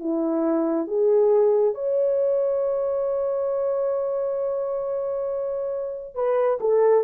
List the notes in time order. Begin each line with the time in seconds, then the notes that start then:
0.00 E4
0.88 G#4
1.75 C#5
6.15 B4
6.61 A4